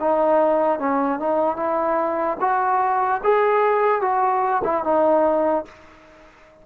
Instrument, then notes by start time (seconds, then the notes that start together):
trombone
0.00 D#4
0.79 C#4
1.19 D#4
1.57 E4
2.40 F#4
3.24 G#4
4.02 F#4
4.64 E4
4.84 D#4